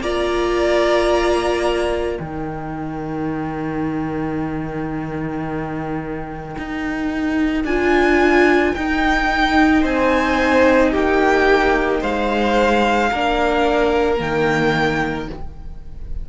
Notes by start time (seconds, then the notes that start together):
0.00 A#3 F4 D5 A#5
2.17 D#3 D#4 A#4 G5
6.58 D#4
7.64 D4 F4 G#5
8.75 D#4 G5
9.81 C4 C5 G#5
10.91 A#3 G4 G5
12.00 G#3 C5 F5
13.10 A#3 D4 A#4
14.16 D#3 A#3 G5